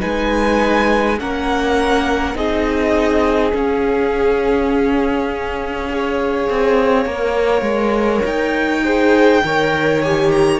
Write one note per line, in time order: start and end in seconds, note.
0.00 1.21 G#3
0.00 1.18 D#4
0.00 1.18 B4
0.00 1.19 G#5
1.19 2.35 A#3
1.19 2.36 C#4
1.19 2.37 A#4
1.19 2.37 F#5
2.35 3.53 C4
2.35 3.53 D#4
2.35 5.90 G#4
2.35 3.55 D#5
3.53 5.88 C#4
3.53 6.49 C#4
3.53 8.26 F5
5.90 7.06 G#4
5.90 8.85 C#5
6.50 7.06 C4
7.06 7.62 A#3
7.06 8.83 A#4
7.62 8.21 G#3
8.25 9.43 D#4
8.25 10.03 G5
8.84 9.43 G#4
8.84 9.43 C5
9.44 10.60 D#3
9.44 10.03 A#4
9.44 10.60 C#5
10.03 10.60 G4
10.03 10.32 G#5
10.32 10.60 A#5